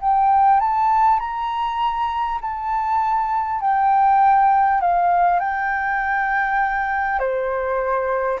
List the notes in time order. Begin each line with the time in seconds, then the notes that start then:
0.00 G5
0.59 A5
1.19 A#5
2.41 A5
3.60 G5
4.81 F5
5.39 G5
7.19 C5